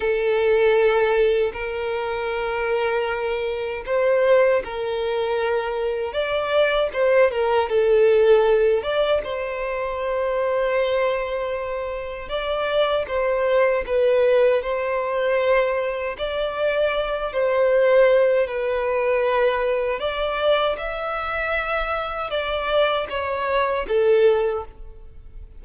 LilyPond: \new Staff \with { instrumentName = "violin" } { \time 4/4 \tempo 4 = 78 a'2 ais'2~ | ais'4 c''4 ais'2 | d''4 c''8 ais'8 a'4. d''8 | c''1 |
d''4 c''4 b'4 c''4~ | c''4 d''4. c''4. | b'2 d''4 e''4~ | e''4 d''4 cis''4 a'4 | }